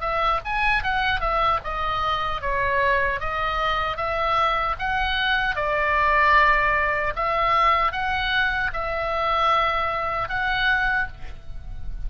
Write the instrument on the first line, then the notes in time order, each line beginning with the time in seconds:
oboe
0.00 E5
0.45 G#5
0.83 F#5
1.20 E5
1.64 D#5
2.41 C#5
3.20 D#5
3.97 E5
4.78 F#5
5.56 D5
7.16 E5
7.92 F#5
8.73 E5
10.28 F#5